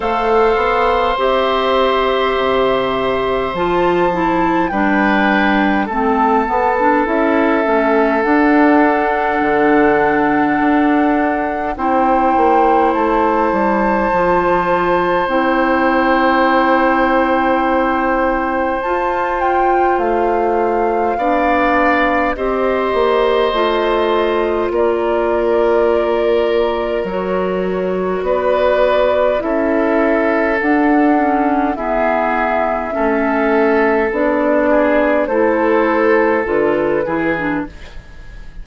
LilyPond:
<<
  \new Staff \with { instrumentName = "flute" } { \time 4/4 \tempo 4 = 51 f''4 e''2 a''4 | g''4 a''4 e''4 fis''4~ | fis''2 g''4 a''4~ | a''4 g''2. |
a''8 g''8 f''2 dis''4~ | dis''4 d''2 cis''4 | d''4 e''4 fis''4 e''4~ | e''4 d''4 c''4 b'4 | }
  \new Staff \with { instrumentName = "oboe" } { \time 4/4 c''1 | b'4 a'2.~ | a'2 c''2~ | c''1~ |
c''2 d''4 c''4~ | c''4 ais'2. | b'4 a'2 gis'4 | a'4. gis'8 a'4. gis'8 | }
  \new Staff \with { instrumentName = "clarinet" } { \time 4/4 a'4 g'2 f'8 e'8 | d'4 c'8 b16 d'16 e'8 cis'8 d'4~ | d'2 e'2 | f'4 e'2. |
f'2 d'4 g'4 | f'2. fis'4~ | fis'4 e'4 d'8 cis'8 b4 | cis'4 d'4 e'4 f'8 e'16 d'16 | }
  \new Staff \with { instrumentName = "bassoon" } { \time 4/4 a8 b8 c'4 c4 f4 | g4 a8 b8 cis'8 a8 d'4 | d4 d'4 c'8 ais8 a8 g8 | f4 c'2. |
f'4 a4 b4 c'8 ais8 | a4 ais2 fis4 | b4 cis'4 d'4 e'4 | a4 b4 a4 d8 e8 | }
>>